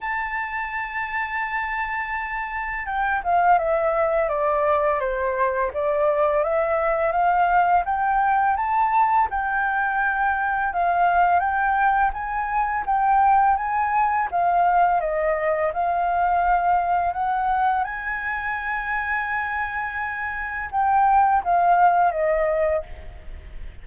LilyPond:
\new Staff \with { instrumentName = "flute" } { \time 4/4 \tempo 4 = 84 a''1 | g''8 f''8 e''4 d''4 c''4 | d''4 e''4 f''4 g''4 | a''4 g''2 f''4 |
g''4 gis''4 g''4 gis''4 | f''4 dis''4 f''2 | fis''4 gis''2.~ | gis''4 g''4 f''4 dis''4 | }